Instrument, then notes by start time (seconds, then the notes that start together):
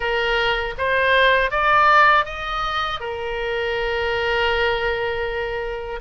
oboe
0.00 A#4
0.77 C5
1.50 D5
2.25 D#5
3.00 A#4